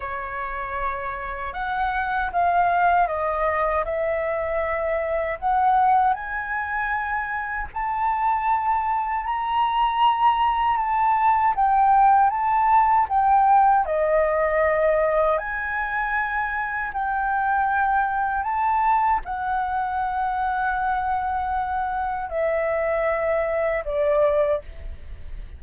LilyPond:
\new Staff \with { instrumentName = "flute" } { \time 4/4 \tempo 4 = 78 cis''2 fis''4 f''4 | dis''4 e''2 fis''4 | gis''2 a''2 | ais''2 a''4 g''4 |
a''4 g''4 dis''2 | gis''2 g''2 | a''4 fis''2.~ | fis''4 e''2 d''4 | }